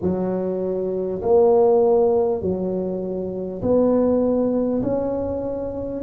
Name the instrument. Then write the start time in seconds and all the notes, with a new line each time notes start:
tuba
0.01 F#3
1.22 A#3
2.41 F#3
3.62 B3
4.82 C#4